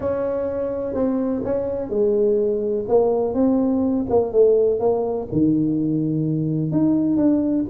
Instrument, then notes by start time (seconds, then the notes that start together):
tuba
0.00 C#4
0.94 C4
1.44 C#4
1.89 G#3
2.88 A#3
3.34 C4
4.09 A#3
4.32 A3
4.79 A#3
5.31 D#3
6.71 D#4
7.16 D4